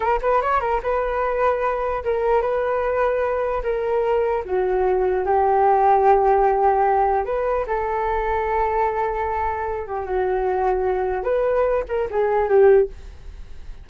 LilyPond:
\new Staff \with { instrumentName = "flute" } { \time 4/4 \tempo 4 = 149 ais'8 b'8 cis''8 ais'8 b'2~ | b'4 ais'4 b'2~ | b'4 ais'2 fis'4~ | fis'4 g'2.~ |
g'2 b'4 a'4~ | a'1~ | a'8 g'8 fis'2. | b'4. ais'8 gis'4 g'4 | }